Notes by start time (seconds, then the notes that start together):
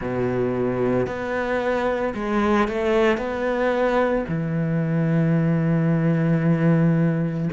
0.00 B2
1.07 B3
2.14 G#3
2.68 A3
3.17 B3
4.28 E3